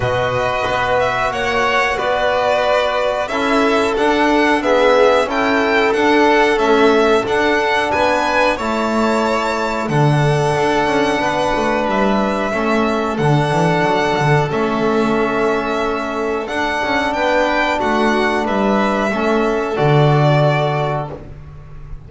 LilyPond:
<<
  \new Staff \with { instrumentName = "violin" } { \time 4/4 \tempo 4 = 91 dis''4. e''8 fis''4 d''4~ | d''4 e''4 fis''4 e''4 | g''4 fis''4 e''4 fis''4 | gis''4 a''2 fis''4~ |
fis''2 e''2 | fis''2 e''2~ | e''4 fis''4 g''4 fis''4 | e''2 d''2 | }
  \new Staff \with { instrumentName = "violin" } { \time 4/4 b'2 cis''4 b'4~ | b'4 a'2 gis'4 | a'1 | b'4 cis''2 a'4~ |
a'4 b'2 a'4~ | a'1~ | a'2 b'4 fis'4 | b'4 a'2. | }
  \new Staff \with { instrumentName = "trombone" } { \time 4/4 fis'1~ | fis'4 e'4 d'4 b4 | e'4 d'4 a4 d'4~ | d'4 e'2 d'4~ |
d'2. cis'4 | d'2 cis'2~ | cis'4 d'2.~ | d'4 cis'4 fis'2 | }
  \new Staff \with { instrumentName = "double bass" } { \time 4/4 b,4 b4 ais4 b4~ | b4 cis'4 d'2 | cis'4 d'4 cis'4 d'4 | b4 a2 d4 |
d'8 cis'8 b8 a8 g4 a4 | d8 e8 fis8 d8 a2~ | a4 d'8 cis'8 b4 a4 | g4 a4 d2 | }
>>